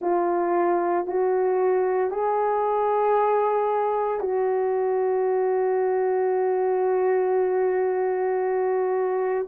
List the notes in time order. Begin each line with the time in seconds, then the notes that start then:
0.01 F4
1.06 F#4
2.11 G#4
4.20 F#4